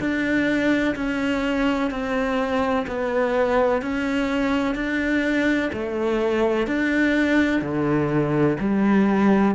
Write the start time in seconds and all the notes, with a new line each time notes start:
0.00 D4
0.96 C#4
1.91 C4
2.87 B3
3.83 C#4
4.75 D4
5.74 A3
6.68 D4
7.62 D3
8.61 G3